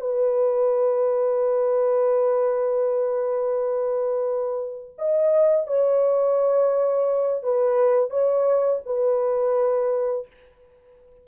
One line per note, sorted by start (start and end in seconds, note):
0.00 4.94 B4
4.98 5.67 D#5
5.67 7.42 C#5
7.42 8.10 B4
8.10 8.80 C#5
8.85 10.26 B4